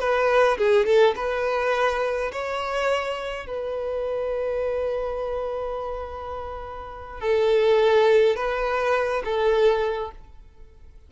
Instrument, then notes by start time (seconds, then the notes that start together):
violin
0.00 B4
0.58 G#4
0.86 A4
1.16 B4
2.33 C#5
3.47 B4
7.21 A4
8.36 B4
9.25 A4